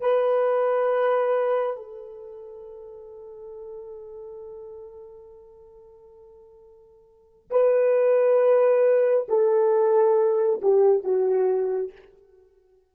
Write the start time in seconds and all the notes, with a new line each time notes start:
0.00 B4
1.76 A4
7.50 B4
9.28 A4
10.61 G4
11.03 F#4